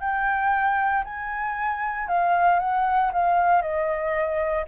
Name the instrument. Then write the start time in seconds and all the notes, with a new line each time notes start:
flute
0.00 G5
1.04 G#5
2.08 F5
2.59 F#5
3.12 F5
3.61 D#5